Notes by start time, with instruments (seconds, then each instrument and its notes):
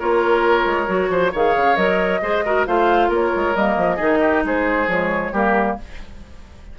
0.00 bassoon A#3, clarinet F4, oboe A#4, flute C#5
0.66 bassoon G#3
0.87 bassoon F#3, clarinet F#4
1.10 bassoon F3, oboe C5
1.32 bassoon D#3, clarinet G#4, oboe C#5, flute F5
1.57 bassoon C#3
1.77 bassoon F#3, clarinet A#4, flute D#5
2.22 bassoon G#3, clarinet G#4, oboe C5
2.45 clarinet F#4, oboe A#4
2.66 bassoon A3, clarinet F4, oboe C5, flute F5
3.09 bassoon A#3, oboe A#4, flute C#5
3.36 bassoon G#3
3.56 bassoon G3, clarinet A#3, flute D#5
3.77 bassoon F3
3.97 bassoon D#3, clarinet D#4, oboe G#4
4.20 oboe G4
4.44 bassoon G#3, oboe G#4, flute C5
4.88 bassoon F3, clarinet G#3, flute C#5
5.33 bassoon G3, clarinet A#3, oboe G4, flute A#4